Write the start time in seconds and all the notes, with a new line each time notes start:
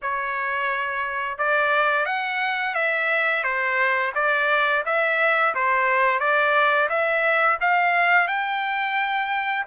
0.02 C#5
1.38 D5
2.05 F#5
2.74 E5
3.43 C5
4.14 D5
4.85 E5
5.54 C5
6.19 D5
6.89 E5
7.60 F5
8.27 G5